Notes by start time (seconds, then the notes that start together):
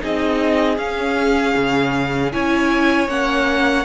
0.00 C4 D#4 G#4 D#5
0.78 C#4 F5
1.57 C#3
2.33 C#4 E4 C#5 G#5
3.08 A#3 C#4 F#5